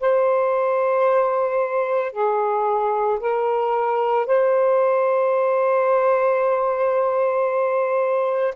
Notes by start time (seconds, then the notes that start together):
0.00 C5
2.12 G#4
3.20 A#4
4.26 C5